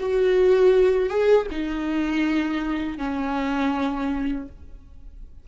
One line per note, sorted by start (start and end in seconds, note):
0.00 1.09 F#4
1.09 1.47 G#4
1.51 2.98 D#4
2.98 4.48 C#4